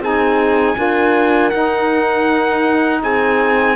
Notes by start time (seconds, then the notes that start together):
0.00 C4 D#4 G#4 G#5
0.76 D4 F4 A#4
1.50 D#4 F#5
3.02 C4 G#4 G#5